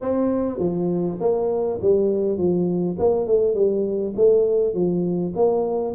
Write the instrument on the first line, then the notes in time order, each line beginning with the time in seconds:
tuba
0.01 C4
0.59 F3
1.20 A#3
1.81 G3
2.37 F3
2.98 A#3
3.26 A3
3.54 G3
4.16 A3
4.74 F3
5.35 A#3